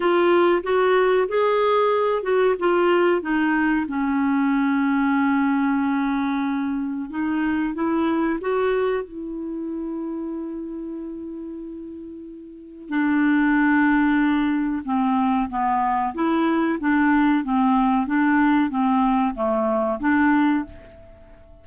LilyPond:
\new Staff \with { instrumentName = "clarinet" } { \time 4/4 \tempo 4 = 93 f'4 fis'4 gis'4. fis'8 | f'4 dis'4 cis'2~ | cis'2. dis'4 | e'4 fis'4 e'2~ |
e'1 | d'2. c'4 | b4 e'4 d'4 c'4 | d'4 c'4 a4 d'4 | }